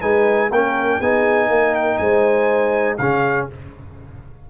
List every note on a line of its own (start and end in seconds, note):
0.00 0.50 G#3
0.00 0.50 D#4
0.00 0.49 B4
0.00 0.50 G#5
0.50 0.99 A#3
0.50 1.02 C#4
0.50 0.99 A#4
0.50 1.01 G5
0.99 1.49 B3
0.99 2.98 D#4
0.99 1.48 G#4
0.99 1.74 G#5
1.48 1.98 A#3
1.48 1.98 A#4
1.74 1.97 G5
1.97 2.97 G#3
1.97 2.98 C5
1.97 2.96 G#5
2.97 3.47 C#3
2.97 3.50 C#4
2.97 3.47 G#4
2.97 3.46 F5